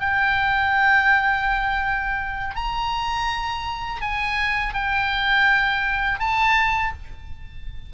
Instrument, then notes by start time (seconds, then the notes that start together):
oboe
0.00 G5
2.55 A#5
4.01 G#5
4.74 G5
6.20 A5